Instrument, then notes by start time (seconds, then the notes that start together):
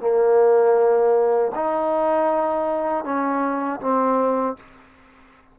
trombone
0.00 A#3
1.55 D#4
3.04 C#4
3.80 C4